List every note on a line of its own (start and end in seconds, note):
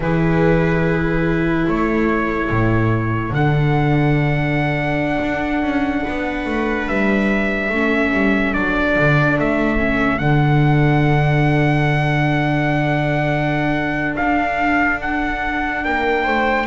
0.00 1.65 E3
0.00 3.35 E4
0.00 1.68 G#4
0.00 1.68 B4
1.67 2.49 A3
1.67 6.04 A4
1.67 3.34 C#5
2.49 3.30 A2
3.30 5.18 D3
3.30 7.73 D4
3.30 6.87 F#5
5.22 5.62 D4
5.62 6.03 C#4
6.04 6.46 B3
6.04 7.69 B4
6.46 6.87 A3
6.87 7.69 G3
6.87 8.53 E5
7.69 8.10 A3
7.69 8.54 C#4
7.69 15.82 A4
8.12 8.54 G3
8.53 8.97 F#3
8.53 9.77 D4
8.53 9.37 D5
8.98 9.38 D3
9.38 10.20 A3
9.38 10.18 E5
9.77 10.19 C#4
10.18 14.15 D3
10.18 16.65 D4
10.18 14.14 F#5
14.16 15.85 D4
14.16 14.99 F5
15.01 15.84 F#5
15.84 16.26 A#3
15.84 16.23 A#4
15.84 16.66 G5
16.23 16.66 A3
16.23 16.65 C5